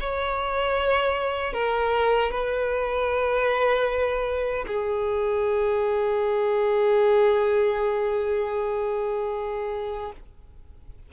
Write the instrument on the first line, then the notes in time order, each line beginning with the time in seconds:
violin
0.00 C#5
1.53 A#4
2.31 B4
4.67 G#4